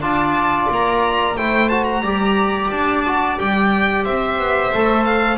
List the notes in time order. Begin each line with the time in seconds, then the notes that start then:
0.00 D4 F4 D5 A5
0.70 A#3 A#5
1.37 A3 E4 C5 G5
1.69 F#4 A5
1.84 A#5
2.01 G3 G4 D5
2.71 D4 A5
3.05 F#4
3.37 G3 G4 G5
4.03 C4 C5 E5
4.38 B3
4.73 A3 A4
5.04 F5